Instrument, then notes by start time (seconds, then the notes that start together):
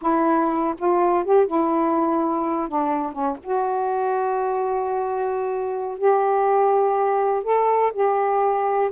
saxophone
0.01 E4
0.78 F4
1.24 G4
1.46 E4
2.68 D4
3.12 C#4
3.43 F#4
5.98 G4
7.43 A4
7.93 G4